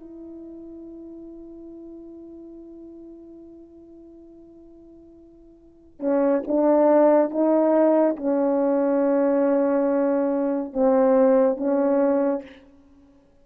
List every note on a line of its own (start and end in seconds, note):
0.00 6.00 E4
6.00 6.42 C#4
6.48 7.31 D4
7.31 8.16 D#4
8.16 10.73 C#4
10.73 11.57 C4
11.57 12.42 C#4